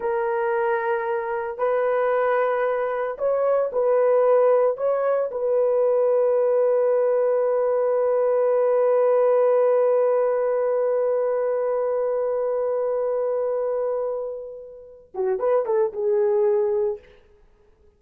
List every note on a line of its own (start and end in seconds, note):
0.00 1.58 A#4
1.58 3.17 B4
3.17 3.70 C#5
3.72 4.77 B4
4.77 5.30 C#5
5.31 15.13 B4
15.14 15.39 F#4
15.39 15.65 B4
15.65 15.92 A4
15.92 16.99 G#4